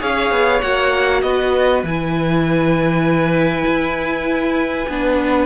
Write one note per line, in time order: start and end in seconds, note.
0.00 0.32 C#4
0.00 0.61 G#4
0.00 1.22 C#5
0.00 0.61 F5
0.32 0.62 B3
0.61 1.23 A#3
0.61 1.84 F#4
0.61 1.22 F#5
1.22 1.83 B3
1.22 5.47 B4
1.22 1.82 D#5
1.83 3.65 E3
1.83 4.89 E4
1.83 5.47 G#5
3.66 4.87 E4
4.89 5.47 B3
4.89 5.47 D4